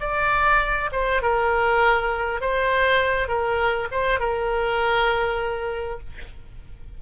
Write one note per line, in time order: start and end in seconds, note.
0.00 0.90 D5
0.92 1.22 C5
1.22 2.41 A#4
2.41 3.28 C5
3.28 3.88 A#4
3.91 4.19 C5
4.19 5.99 A#4